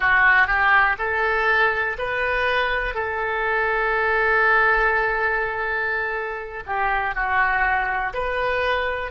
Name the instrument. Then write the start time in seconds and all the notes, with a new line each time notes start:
oboe
0.00 F#4
0.46 G4
0.98 A4
1.98 B4
2.94 A4
6.66 G4
7.14 F#4
8.13 B4